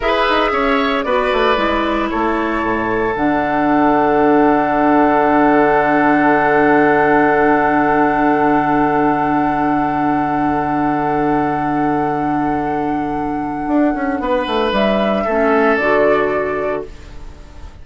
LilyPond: <<
  \new Staff \with { instrumentName = "flute" } { \time 4/4 \tempo 4 = 114 e''2 d''2 | cis''2 fis''2~ | fis''1~ | fis''1~ |
fis''1~ | fis''1~ | fis''1 | e''2 d''2 | }
  \new Staff \with { instrumentName = "oboe" } { \time 4/4 b'4 cis''4 b'2 | a'1~ | a'1~ | a'1~ |
a'1~ | a'1~ | a'2. b'4~ | b'4 a'2. | }
  \new Staff \with { instrumentName = "clarinet" } { \time 4/4 gis'2 fis'4 e'4~ | e'2 d'2~ | d'1~ | d'1~ |
d'1~ | d'1~ | d'1~ | d'4 cis'4 fis'2 | }
  \new Staff \with { instrumentName = "bassoon" } { \time 4/4 e'8 dis'8 cis'4 b8 a8 gis4 | a4 a,4 d2~ | d1~ | d1~ |
d1~ | d1~ | d2 d'8 cis'8 b8 a8 | g4 a4 d2 | }
>>